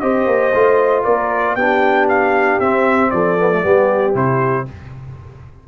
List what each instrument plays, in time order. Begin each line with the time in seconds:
0.00 tuba C4, trombone G4, horn C5, trumpet D#5
0.27 tuba A#3
0.54 tuba A3, trombone F4
1.04 tuba A#3, horn A#4, trumpet D5
1.55 tuba B3, trombone D4, horn G4, trumpet G5
2.09 trumpet F5
2.60 tuba C4, trombone C4, trumpet E5
3.11 tuba F3, horn A4, trumpet D5
3.39 trombone B3
3.51 trombone A3
3.62 tuba G3, trombone B3, horn G4
4.14 tuba C3, trombone E4, trumpet C5